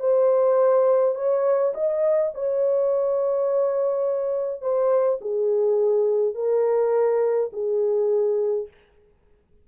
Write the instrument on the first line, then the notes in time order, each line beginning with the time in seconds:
horn
0.00 C5
1.15 C#5
1.74 D#5
2.34 C#5
4.62 C5
5.21 G#4
6.35 A#4
7.53 G#4